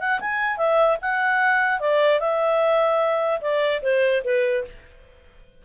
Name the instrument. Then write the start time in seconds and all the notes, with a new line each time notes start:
clarinet
0.00 F#5
0.20 G#5
0.57 E5
1.02 F#5
1.80 D5
2.20 E5
3.41 D5
3.82 C5
4.24 B4